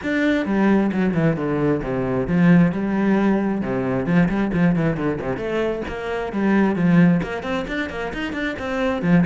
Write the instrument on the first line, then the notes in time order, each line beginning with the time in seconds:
cello
0.02 D4
0.45 G3
0.91 F#3
1.14 E3
1.36 D3
1.83 C3
2.27 F3
2.71 G3
3.61 C3
4.06 F3
4.28 G3
4.53 F3
4.75 E3
4.96 D3
5.20 C3
5.36 A3
5.87 A#3
6.32 G3
6.75 F3
7.23 A#3
7.43 C4
7.67 D4
7.89 A#3
8.13 D#4
8.33 D4
8.58 C4
9.02 F3